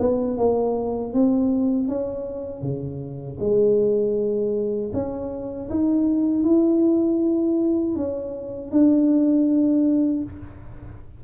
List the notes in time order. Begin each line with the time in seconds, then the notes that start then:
0.00 B3
0.38 A#3
1.14 C4
1.89 C#4
2.62 C#3
3.40 G#3
4.94 C#4
5.70 D#4
6.44 E4
7.96 C#4
8.72 D4